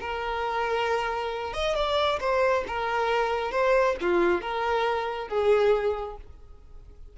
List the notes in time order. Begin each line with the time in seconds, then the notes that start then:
0.00 A#4
1.53 D#5
1.75 D5
2.20 C5
2.67 A#4
3.51 C5
4.01 F4
4.41 A#4
5.28 G#4